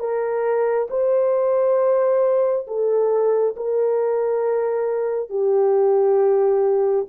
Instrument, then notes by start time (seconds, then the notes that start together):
horn
0.00 A#4
0.90 C5
2.67 A4
3.57 A#4
5.30 G4